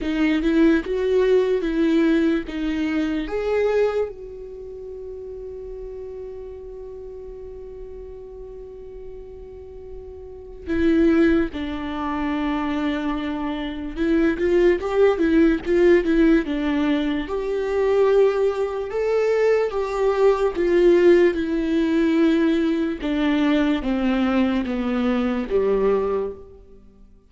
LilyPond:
\new Staff \with { instrumentName = "viola" } { \time 4/4 \tempo 4 = 73 dis'8 e'8 fis'4 e'4 dis'4 | gis'4 fis'2.~ | fis'1~ | fis'4 e'4 d'2~ |
d'4 e'8 f'8 g'8 e'8 f'8 e'8 | d'4 g'2 a'4 | g'4 f'4 e'2 | d'4 c'4 b4 g4 | }